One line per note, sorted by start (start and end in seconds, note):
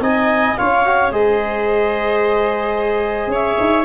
0.00 0.55 C4
0.00 0.57 D#4
0.00 0.58 D#5
0.00 0.57 G#5
0.57 1.12 C#4
0.57 0.85 F4
0.57 1.13 C#5
0.57 1.11 F5
0.85 1.12 F#4
1.11 3.27 G#3
1.11 3.85 G#4
1.11 3.32 C5
1.11 3.32 D#5
3.27 3.55 C#4
3.27 3.85 C#5
3.33 3.85 E5
3.60 3.85 D#4